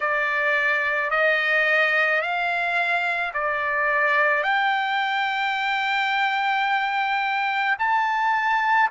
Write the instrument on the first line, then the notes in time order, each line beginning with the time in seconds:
trumpet
0.00 D5
1.10 D#5
2.21 F5
3.33 D5
4.43 G5
7.78 A5